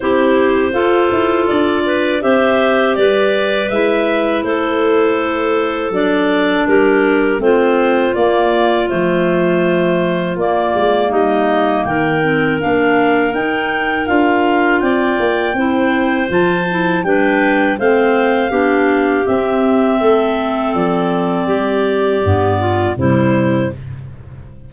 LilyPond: <<
  \new Staff \with { instrumentName = "clarinet" } { \time 4/4 \tempo 4 = 81 c''2 d''4 e''4 | d''4 e''4 c''2 | d''4 ais'4 c''4 d''4 | c''2 d''4 dis''4 |
g''4 f''4 g''4 f''4 | g''2 a''4 g''4 | f''2 e''2 | d''2. c''4 | }
  \new Staff \with { instrumentName = "clarinet" } { \time 4/4 g'4 a'4. b'8 c''4 | b'2 a'2~ | a'4 g'4 f'2~ | f'2. dis'4 |
ais'1 | d''4 c''2 b'4 | c''4 g'2 a'4~ | a'4 g'4. f'8 e'4 | }
  \new Staff \with { instrumentName = "clarinet" } { \time 4/4 e'4 f'2 g'4~ | g'4 e'2. | d'2 c'4 ais4 | a2 ais2~ |
ais8 c'8 d'4 dis'4 f'4~ | f'4 e'4 f'8 e'8 d'4 | c'4 d'4 c'2~ | c'2 b4 g4 | }
  \new Staff \with { instrumentName = "tuba" } { \time 4/4 c'4 f'8 e'8 d'4 c'4 | g4 gis4 a2 | fis4 g4 a4 ais4 | f2 ais8 gis8 g4 |
dis4 ais4 dis'4 d'4 | c'8 ais8 c'4 f4 g4 | a4 b4 c'4 a4 | f4 g4 g,4 c4 | }
>>